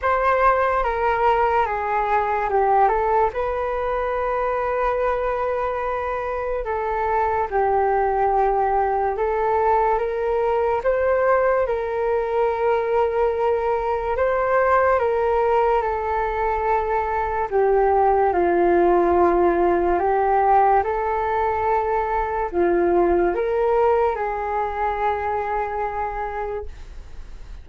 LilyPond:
\new Staff \with { instrumentName = "flute" } { \time 4/4 \tempo 4 = 72 c''4 ais'4 gis'4 g'8 a'8 | b'1 | a'4 g'2 a'4 | ais'4 c''4 ais'2~ |
ais'4 c''4 ais'4 a'4~ | a'4 g'4 f'2 | g'4 a'2 f'4 | ais'4 gis'2. | }